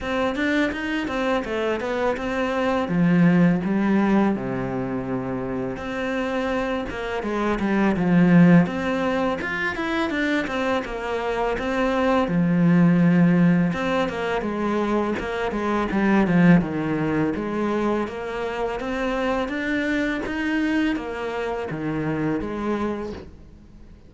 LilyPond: \new Staff \with { instrumentName = "cello" } { \time 4/4 \tempo 4 = 83 c'8 d'8 dis'8 c'8 a8 b8 c'4 | f4 g4 c2 | c'4. ais8 gis8 g8 f4 | c'4 f'8 e'8 d'8 c'8 ais4 |
c'4 f2 c'8 ais8 | gis4 ais8 gis8 g8 f8 dis4 | gis4 ais4 c'4 d'4 | dis'4 ais4 dis4 gis4 | }